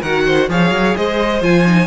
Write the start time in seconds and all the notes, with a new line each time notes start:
0.00 D#3 F#4 A#4 F#5
0.26 C5
0.49 F3 G#4 C#5 F5
0.70 F#3
0.96 G#3 C5 D#5
1.41 F3 F4 G#5
1.66 D#4